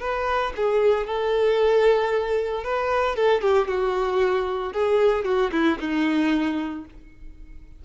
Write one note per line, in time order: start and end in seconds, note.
0.00 0.53 B4
0.56 1.06 G#4
1.06 2.64 A4
2.64 3.15 B4
3.15 3.41 A4
3.41 3.67 G4
3.67 4.73 F#4
4.73 5.24 G#4
5.24 5.50 F#4
5.51 5.78 E4
5.79 6.85 D#4